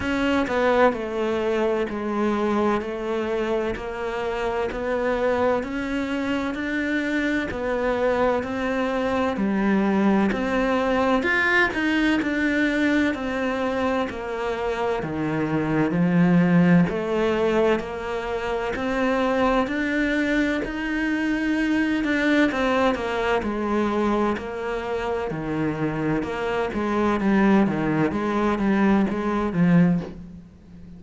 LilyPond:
\new Staff \with { instrumentName = "cello" } { \time 4/4 \tempo 4 = 64 cis'8 b8 a4 gis4 a4 | ais4 b4 cis'4 d'4 | b4 c'4 g4 c'4 | f'8 dis'8 d'4 c'4 ais4 |
dis4 f4 a4 ais4 | c'4 d'4 dis'4. d'8 | c'8 ais8 gis4 ais4 dis4 | ais8 gis8 g8 dis8 gis8 g8 gis8 f8 | }